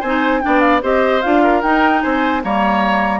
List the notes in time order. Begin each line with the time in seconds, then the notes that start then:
0.00 C4 C5 G#5
0.07 D#4
0.41 B3 D4 D5 G5
0.61 F5
0.82 C4 G4 C5 D#5
1.22 D4 F4 F5
1.43 A#4
1.62 D#4 G5
2.02 C4 C5 G#5
2.43 G3 A#3 C#5 A#5